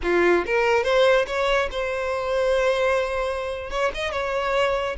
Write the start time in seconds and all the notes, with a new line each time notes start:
0.02 F4
0.45 A#4
0.83 C5
1.27 C#5
1.71 C5
3.70 C#5
3.94 D#5
4.11 C#5